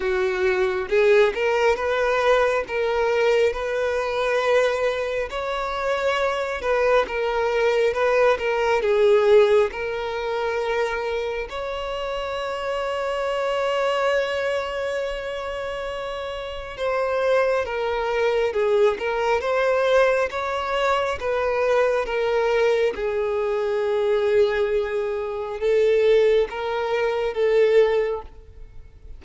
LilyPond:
\new Staff \with { instrumentName = "violin" } { \time 4/4 \tempo 4 = 68 fis'4 gis'8 ais'8 b'4 ais'4 | b'2 cis''4. b'8 | ais'4 b'8 ais'8 gis'4 ais'4~ | ais'4 cis''2.~ |
cis''2. c''4 | ais'4 gis'8 ais'8 c''4 cis''4 | b'4 ais'4 gis'2~ | gis'4 a'4 ais'4 a'4 | }